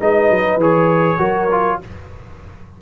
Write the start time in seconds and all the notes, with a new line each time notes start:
0.00 G#3 D#4 B4 D#5
0.30 F#3
0.57 E3 G#4 C#5
1.18 F#3 F#4 A#4
1.51 F4